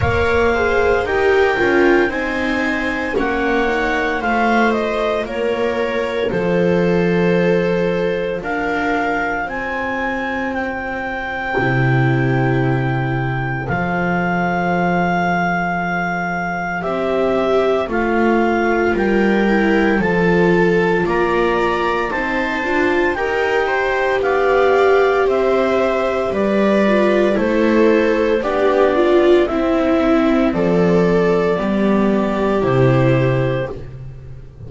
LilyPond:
<<
  \new Staff \with { instrumentName = "clarinet" } { \time 4/4 \tempo 4 = 57 f''4 g''4 gis''4 fis''4 | f''8 dis''8 cis''4 c''2 | f''4 gis''4 g''2~ | g''4 f''2. |
e''4 f''4 g''4 a''4 | ais''4 a''4 g''4 f''4 | e''4 d''4 c''4 d''4 | e''4 d''2 c''4 | }
  \new Staff \with { instrumentName = "viola" } { \time 4/4 cis''8 c''8 ais'4 c''4 cis''4 | c''4 ais'4 a'2 | ais'4 c''2.~ | c''1~ |
c''2 ais'4 a'4 | d''4 c''4 ais'8 c''8 d''4 | c''4 b'4 a'4 g'8 f'8 | e'4 a'4 g'2 | }
  \new Staff \with { instrumentName = "viola" } { \time 4/4 ais'8 gis'8 g'8 f'8 dis'4 cis'8 dis'8 | f'1~ | f'2. e'4~ | e'4 a'2. |
g'4 f'4. e'8 f'4~ | f'4 dis'8 f'8 g'2~ | g'4. f'8 e'4 d'4 | c'2 b4 e'4 | }
  \new Staff \with { instrumentName = "double bass" } { \time 4/4 ais4 dis'8 cis'8 c'4 ais4 | a4 ais4 f2 | d'4 c'2 c4~ | c4 f2. |
c'4 a4 g4 f4 | ais4 c'8 d'8 dis'4 b4 | c'4 g4 a4 b4 | c'4 f4 g4 c4 | }
>>